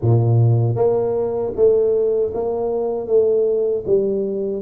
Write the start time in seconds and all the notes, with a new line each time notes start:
0.01 A#2
0.75 A#3
1.56 A3
2.34 A#3
3.07 A3
3.86 G3